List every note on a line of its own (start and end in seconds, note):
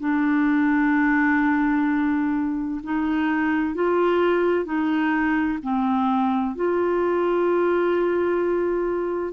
0.00 2.81 D4
2.84 3.75 D#4
3.75 4.65 F4
4.65 5.59 D#4
5.62 6.55 C4
6.55 9.33 F4